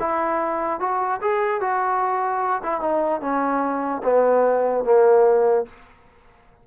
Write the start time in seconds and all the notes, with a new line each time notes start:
0.00 E4
0.80 F#4
1.21 G#4
1.61 F#4
2.64 E4
2.81 D#4
3.21 C#4
4.04 B3
4.85 A#3